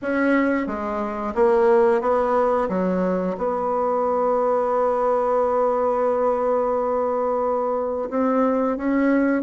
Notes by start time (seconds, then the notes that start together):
0.02 C#4
0.66 G#3
1.35 A#3
2.01 B3
2.68 F#3
3.37 B3
8.10 C4
8.77 C#4